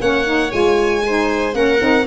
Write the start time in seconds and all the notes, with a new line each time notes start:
0.00 A#3 C#4 C#5 F#5
0.25 D#4
0.50 G#3 F4 G#5
1.06 D#4 C5
1.52 A#3 C#4 A#4 F#5
1.79 C4 D#4